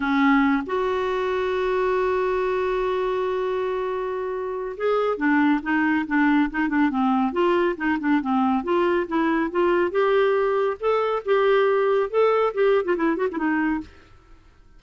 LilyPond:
\new Staff \with { instrumentName = "clarinet" } { \time 4/4 \tempo 4 = 139 cis'4. fis'2~ fis'8~ | fis'1~ | fis'2. gis'4 | d'4 dis'4 d'4 dis'8 d'8 |
c'4 f'4 dis'8 d'8 c'4 | f'4 e'4 f'4 g'4~ | g'4 a'4 g'2 | a'4 g'8. f'16 e'8 fis'16 e'16 dis'4 | }